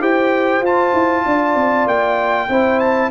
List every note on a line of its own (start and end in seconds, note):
0.00 0.61 E4
0.00 0.62 G4
0.00 1.25 C5
0.00 0.64 G5
0.61 0.91 F4
0.61 2.48 F4
0.61 1.88 A5
0.93 1.24 E4
1.25 1.55 D4
1.25 2.49 D5
1.55 1.86 C4
1.86 2.48 A#3
1.86 2.79 G5
2.49 3.11 C4
2.49 3.11 E4
2.49 3.11 C5
2.79 3.10 A5